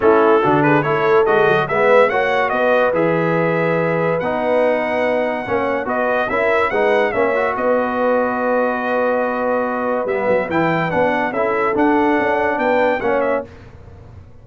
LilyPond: <<
  \new Staff \with { instrumentName = "trumpet" } { \time 4/4 \tempo 4 = 143 a'4. b'8 cis''4 dis''4 | e''4 fis''4 dis''4 e''4~ | e''2 fis''2~ | fis''2 dis''4 e''4 |
fis''4 e''4 dis''2~ | dis''1 | e''4 g''4 fis''4 e''4 | fis''2 g''4 fis''8 e''8 | }
  \new Staff \with { instrumentName = "horn" } { \time 4/4 e'4 fis'8 gis'8 a'2 | b'4 cis''4 b'2~ | b'1~ | b'4 cis''4 b'4 ais'4 |
b'4 cis''4 b'2~ | b'1~ | b'2. a'4~ | a'2 b'4 cis''4 | }
  \new Staff \with { instrumentName = "trombone" } { \time 4/4 cis'4 d'4 e'4 fis'4 | b4 fis'2 gis'4~ | gis'2 dis'2~ | dis'4 cis'4 fis'4 e'4 |
dis'4 cis'8 fis'2~ fis'8~ | fis'1 | b4 e'4 d'4 e'4 | d'2. cis'4 | }
  \new Staff \with { instrumentName = "tuba" } { \time 4/4 a4 d4 a4 gis8 fis8 | gis4 ais4 b4 e4~ | e2 b2~ | b4 ais4 b4 cis'4 |
gis4 ais4 b2~ | b1 | g8 fis8 e4 b4 cis'4 | d'4 cis'4 b4 ais4 | }
>>